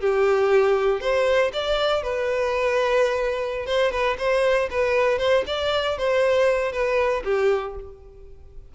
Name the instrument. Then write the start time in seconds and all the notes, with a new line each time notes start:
violin
0.00 G4
1.01 C5
1.53 D5
2.02 B4
3.66 C5
3.91 B4
4.18 C5
4.71 B4
5.19 C5
5.47 D5
5.98 C5
6.72 B4
7.24 G4